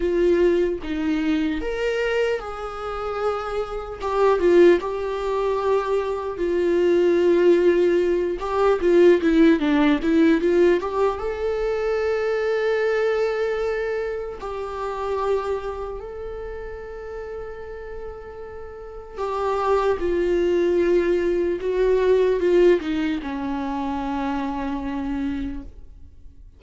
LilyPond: \new Staff \with { instrumentName = "viola" } { \time 4/4 \tempo 4 = 75 f'4 dis'4 ais'4 gis'4~ | gis'4 g'8 f'8 g'2 | f'2~ f'8 g'8 f'8 e'8 | d'8 e'8 f'8 g'8 a'2~ |
a'2 g'2 | a'1 | g'4 f'2 fis'4 | f'8 dis'8 cis'2. | }